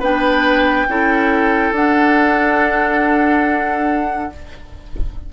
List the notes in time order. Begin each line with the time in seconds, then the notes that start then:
0.00 B3 D4 B4 G5
0.88 C#4 E4 A4
1.71 D4 F#5